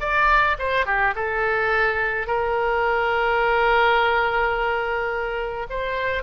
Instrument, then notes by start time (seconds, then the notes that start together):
oboe
0.00 D5
0.58 C5
0.85 G4
1.15 A4
2.27 A#4
5.70 C5